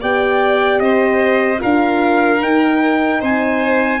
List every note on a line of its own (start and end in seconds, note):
0.00 0.80 B3
0.00 1.58 G4
0.00 0.80 D5
0.00 0.79 G5
0.79 1.60 C4
0.79 1.60 C5
0.79 1.59 D#5
1.58 2.42 D4
1.58 2.38 F4
1.58 3.20 A#4
1.58 2.42 F5
2.41 4.00 D#4
2.41 3.22 D#4
2.41 3.22 G5
3.20 4.00 C4
3.20 4.00 C5
3.20 4.00 G#5